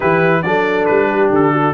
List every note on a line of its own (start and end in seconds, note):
0.00 0.44 E3
0.00 0.43 E4
0.00 0.43 G4
0.00 0.42 B4
0.42 0.87 F#3
0.42 1.73 D4
0.42 1.09 A4
0.42 0.85 D5
0.85 1.30 G3
0.85 1.29 B4
1.09 1.51 G4
1.30 1.73 D3
1.30 1.73 A4
1.51 1.73 F#4